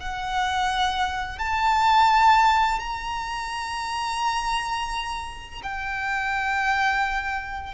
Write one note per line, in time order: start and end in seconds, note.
0.00 1.39 F#5
1.39 2.79 A5
2.79 5.62 A#5
5.63 7.74 G5